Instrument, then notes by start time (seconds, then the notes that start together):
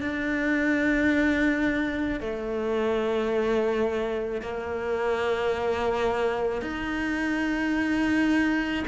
cello
0.00 D4
2.20 A3
4.41 A#3
6.62 D#4